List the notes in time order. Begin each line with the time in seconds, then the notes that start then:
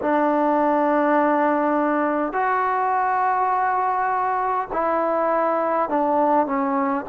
0.01 D4
2.32 F#4
4.72 E4
5.89 D4
6.46 C#4